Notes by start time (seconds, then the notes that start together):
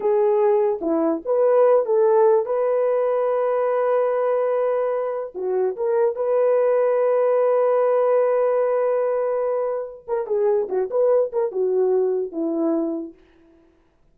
0.00 G#4
0.81 E4
1.25 B4
1.85 A4
2.45 B4
5.34 F#4
5.76 A#4
6.15 B4
10.07 A#4
10.26 G#4
10.68 F#4
10.90 B4
11.32 A#4
11.51 F#4
12.31 E4